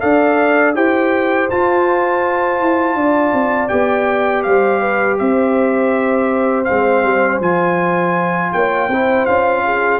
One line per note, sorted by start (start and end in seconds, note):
0.00 0.75 D4
0.00 0.75 A4
0.00 0.76 D5
0.00 0.74 F5
0.75 1.49 E4
0.75 1.49 G4
0.75 2.97 C5
0.75 1.50 G5
1.50 3.69 F4
1.50 2.60 F4
1.50 3.68 A5
2.60 2.95 E4
2.95 3.32 D4
2.95 4.45 D5
3.33 3.70 C4
3.68 4.46 B3
3.68 6.66 G4
3.68 4.42 G5
4.43 5.20 G3
4.43 4.80 C5
4.43 5.17 F5
4.80 5.17 B4
5.18 6.68 C4
5.18 8.54 C5
5.18 6.65 E5
6.65 7.03 G#3
6.65 7.42 C4
6.65 7.39 F5
7.03 7.40 G3
7.40 8.51 F3
7.40 8.90 F4
7.40 8.53 G#5
8.53 8.88 A#3
8.53 8.89 C#5
8.53 9.26 G5
8.88 9.25 C4
8.88 9.28 E4
8.88 9.63 C5
9.26 10.00 C#4
9.26 10.00 F4
9.26 10.00 F5
9.65 10.00 G#4